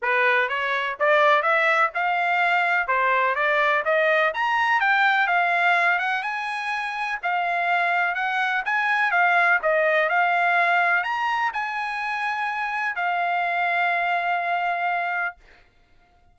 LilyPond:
\new Staff \with { instrumentName = "trumpet" } { \time 4/4 \tempo 4 = 125 b'4 cis''4 d''4 e''4 | f''2 c''4 d''4 | dis''4 ais''4 g''4 f''4~ | f''8 fis''8 gis''2 f''4~ |
f''4 fis''4 gis''4 f''4 | dis''4 f''2 ais''4 | gis''2. f''4~ | f''1 | }